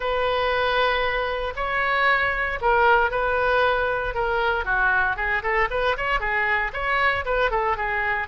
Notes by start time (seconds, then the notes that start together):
0.00 B4
1.55 C#5
2.61 A#4
3.10 B4
4.14 A#4
4.65 F#4
5.16 G#4
5.42 A4
5.70 B4
5.97 C#5
6.20 G#4
6.73 C#5
7.25 B4
7.50 A4
7.76 G#4